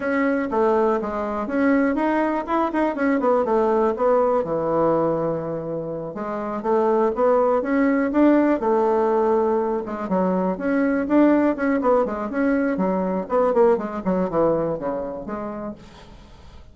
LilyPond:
\new Staff \with { instrumentName = "bassoon" } { \time 4/4 \tempo 4 = 122 cis'4 a4 gis4 cis'4 | dis'4 e'8 dis'8 cis'8 b8 a4 | b4 e2.~ | e8 gis4 a4 b4 cis'8~ |
cis'8 d'4 a2~ a8 | gis8 fis4 cis'4 d'4 cis'8 | b8 gis8 cis'4 fis4 b8 ais8 | gis8 fis8 e4 cis4 gis4 | }